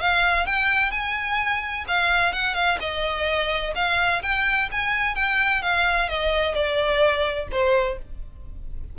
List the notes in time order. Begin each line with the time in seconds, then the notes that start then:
0.00 F5
0.45 G5
0.91 G#5
1.87 F5
2.32 F#5
2.54 F5
2.80 D#5
3.75 F5
4.22 G5
4.71 G#5
5.15 G5
5.62 F5
6.09 D#5
6.54 D5
7.51 C5